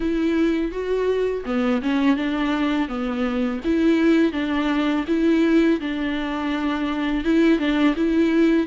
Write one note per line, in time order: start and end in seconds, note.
0.00 0.71 E4
0.71 1.44 F#4
1.45 1.81 B3
1.82 2.16 C#4
2.16 2.88 D4
2.88 3.60 B3
3.64 4.32 E4
4.32 5.04 D4
5.07 5.80 E4
5.80 7.24 D4
7.24 7.58 E4
7.58 7.95 D4
7.96 8.66 E4